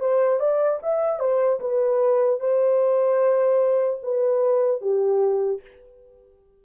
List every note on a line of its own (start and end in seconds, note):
0.00 0.39 C5
0.39 0.79 D5
0.83 1.20 E5
1.20 1.60 C5
1.60 2.40 B4
2.40 4.00 C5
4.03 4.81 B4
4.81 5.61 G4